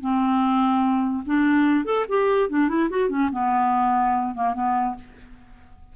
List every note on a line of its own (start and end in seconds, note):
0.00 1.23 C4
1.25 1.85 D4
1.85 2.05 A4
2.08 2.49 G4
2.49 2.68 D4
2.68 2.89 E4
2.90 3.09 F#4
3.09 3.30 C#4
3.32 4.34 B3
4.34 4.54 A#3
4.54 4.95 B3